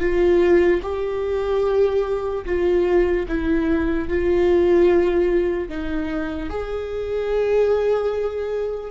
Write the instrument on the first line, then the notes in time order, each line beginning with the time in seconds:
viola
0.00 F4
0.83 G4
2.45 F4
3.28 E4
4.08 F4
5.69 D#4
6.50 G#4